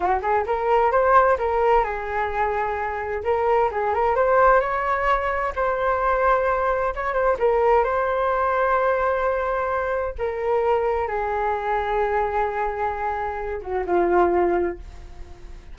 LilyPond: \new Staff \with { instrumentName = "flute" } { \time 4/4 \tempo 4 = 130 fis'8 gis'8 ais'4 c''4 ais'4 | gis'2. ais'4 | gis'8 ais'8 c''4 cis''2 | c''2. cis''8 c''8 |
ais'4 c''2.~ | c''2 ais'2 | gis'1~ | gis'4. fis'8 f'2 | }